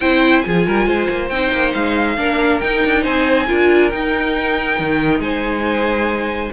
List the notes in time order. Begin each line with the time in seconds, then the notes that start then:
0.00 C4 E4 C5 G5
0.41 F3 F4 G#4 G#5
0.66 G3 A#4
0.86 G#3 C5
1.09 A#3
1.28 C4 D#4 G5
1.52 A#3
1.73 G#3 F5
2.17 A#3 D4 A#4
2.60 D#4 G5
2.84 D4
3.02 C4 C5 G#5
3.47 D4 F4 A#4
3.90 D#4 G5
4.79 D#3
5.19 G#3 C5 G#5